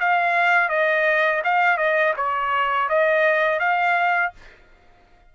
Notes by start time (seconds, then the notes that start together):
0.00 F5
0.70 D#5
1.45 F5
1.78 D#5
2.17 C#5
2.89 D#5
3.60 F5